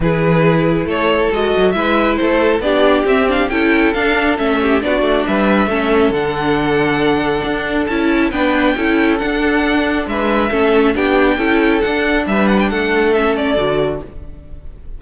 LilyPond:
<<
  \new Staff \with { instrumentName = "violin" } { \time 4/4 \tempo 4 = 137 b'2 cis''4 dis''4 | e''4 c''4 d''4 e''8 f''8 | g''4 f''4 e''4 d''4 | e''2 fis''2~ |
fis''2 a''4 g''4~ | g''4 fis''2 e''4~ | e''4 g''2 fis''4 | e''8 fis''16 g''16 fis''4 e''8 d''4. | }
  \new Staff \with { instrumentName = "violin" } { \time 4/4 gis'2 a'2 | b'4 a'4 g'2 | a'2~ a'8 g'8 fis'4 | b'4 a'2.~ |
a'2. b'4 | a'2. b'4 | a'4 g'4 a'2 | b'4 a'2. | }
  \new Staff \with { instrumentName = "viola" } { \time 4/4 e'2. fis'4 | e'2 d'4 c'8 d'8 | e'4 d'4 cis'4 d'4~ | d'4 cis'4 d'2~ |
d'2 e'4 d'4 | e'4 d'2. | cis'4 d'4 e'4 d'4~ | d'2 cis'4 fis'4 | }
  \new Staff \with { instrumentName = "cello" } { \time 4/4 e2 a4 gis8 fis8 | gis4 a4 b4 c'4 | cis'4 d'4 a4 b8 a8 | g4 a4 d2~ |
d4 d'4 cis'4 b4 | cis'4 d'2 gis4 | a4 b4 cis'4 d'4 | g4 a2 d4 | }
>>